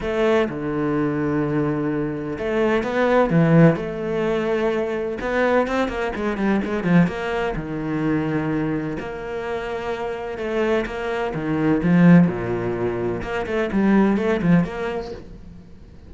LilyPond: \new Staff \with { instrumentName = "cello" } { \time 4/4 \tempo 4 = 127 a4 d2.~ | d4 a4 b4 e4 | a2. b4 | c'8 ais8 gis8 g8 gis8 f8 ais4 |
dis2. ais4~ | ais2 a4 ais4 | dis4 f4 ais,2 | ais8 a8 g4 a8 f8 ais4 | }